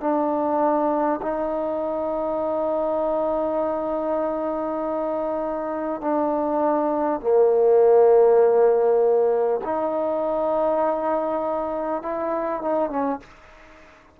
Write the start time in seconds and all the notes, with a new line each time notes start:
0.00 D4
1.22 D#4
6.01 D4
7.20 A#3
9.64 D#4
12.02 E4
12.62 D#4
12.89 C#4